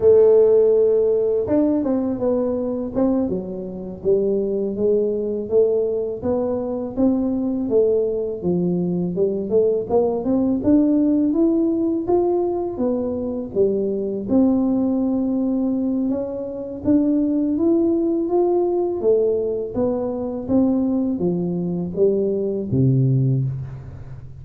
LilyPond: \new Staff \with { instrumentName = "tuba" } { \time 4/4 \tempo 4 = 82 a2 d'8 c'8 b4 | c'8 fis4 g4 gis4 a8~ | a8 b4 c'4 a4 f8~ | f8 g8 a8 ais8 c'8 d'4 e'8~ |
e'8 f'4 b4 g4 c'8~ | c'2 cis'4 d'4 | e'4 f'4 a4 b4 | c'4 f4 g4 c4 | }